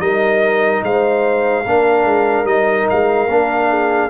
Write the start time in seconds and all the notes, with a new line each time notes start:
0.00 G3 D#4 A#4 D#5
0.83 G#3 C5 F5
1.64 A#3 D4 A#4
2.05 G#3
2.44 G3 D#4 D#5
2.90 G#3 F5
3.28 A#3 D4
3.69 G#4